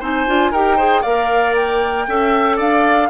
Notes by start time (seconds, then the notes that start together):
0.00 C4 D#4 C5 G#5
0.27 D4 F4
0.52 D#4 G4 A#4 G5
0.77 G#4 C5
1.02 A#3 A#4 D5 F5
1.55 G5
2.08 C#4 A4 E5
2.57 D4 D5 F5